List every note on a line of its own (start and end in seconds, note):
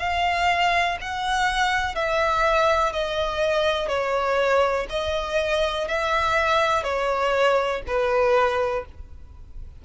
0.00 0.98 F5
1.01 1.95 F#5
1.95 2.93 E5
2.93 3.89 D#5
3.89 4.87 C#5
4.90 5.88 D#5
5.88 6.84 E5
6.84 7.82 C#5
7.87 8.86 B4